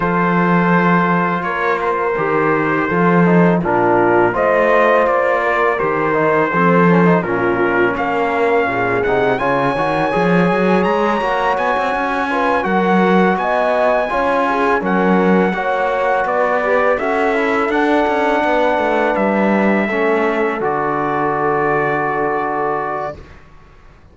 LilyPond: <<
  \new Staff \with { instrumentName = "trumpet" } { \time 4/4 \tempo 4 = 83 c''2 cis''8 c''4.~ | c''4 ais'4 dis''4 d''4 | c''2 ais'4 f''4~ | f''8 fis''8 gis''2 ais''4 |
gis''4. fis''4 gis''4.~ | gis''8 fis''2 d''4 e''8~ | e''8 fis''2 e''4.~ | e''8 d''2.~ d''8 | }
  \new Staff \with { instrumentName = "horn" } { \time 4/4 a'2 ais'2 | a'4 f'4 c''4. ais'8~ | ais'4 a'4 f'4 ais'4 | gis'4 cis''2.~ |
cis''4 b'8 ais'4 dis''4 cis''8 | gis'8 ais'4 cis''4 b'4 a'8~ | a'4. b'2 a'8~ | a'1 | }
  \new Staff \with { instrumentName = "trombone" } { \time 4/4 f'2. g'4 | f'8 dis'8 d'4 f'2 | g'8 dis'8 c'8 cis'16 dis'16 cis'2~ | cis'8 dis'8 f'8 fis'8 gis'4. fis'8~ |
fis'4 f'8 fis'2 f'8~ | f'8 cis'4 fis'4. g'8 fis'8 | e'8 d'2. cis'8~ | cis'8 fis'2.~ fis'8 | }
  \new Staff \with { instrumentName = "cello" } { \time 4/4 f2 ais4 dis4 | f4 ais,4 a4 ais4 | dis4 f4 ais,4 ais4 | ais,8 c8 cis8 dis8 f8 fis8 gis8 ais8 |
b16 c'16 cis'4 fis4 b4 cis'8~ | cis'8 fis4 ais4 b4 cis'8~ | cis'8 d'8 cis'8 b8 a8 g4 a8~ | a8 d2.~ d8 | }
>>